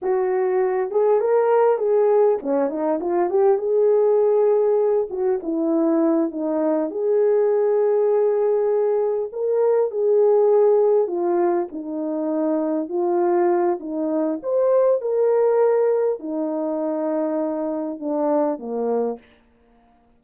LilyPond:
\new Staff \with { instrumentName = "horn" } { \time 4/4 \tempo 4 = 100 fis'4. gis'8 ais'4 gis'4 | cis'8 dis'8 f'8 g'8 gis'2~ | gis'8 fis'8 e'4. dis'4 gis'8~ | gis'2.~ gis'8 ais'8~ |
ais'8 gis'2 f'4 dis'8~ | dis'4. f'4. dis'4 | c''4 ais'2 dis'4~ | dis'2 d'4 ais4 | }